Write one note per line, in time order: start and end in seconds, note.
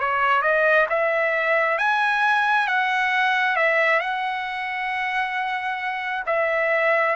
0.00 0.42 C#5
0.42 0.87 D#5
0.90 1.79 E5
1.79 2.68 G#5
2.68 3.57 F#5
3.57 4.00 E5
4.00 6.24 F#5
6.26 7.16 E5